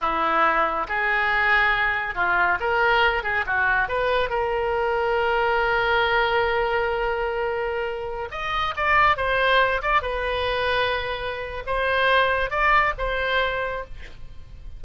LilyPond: \new Staff \with { instrumentName = "oboe" } { \time 4/4 \tempo 4 = 139 e'2 gis'2~ | gis'4 f'4 ais'4. gis'8 | fis'4 b'4 ais'2~ | ais'1~ |
ais'2.~ ais'16 dis''8.~ | dis''16 d''4 c''4. d''8 b'8.~ | b'2. c''4~ | c''4 d''4 c''2 | }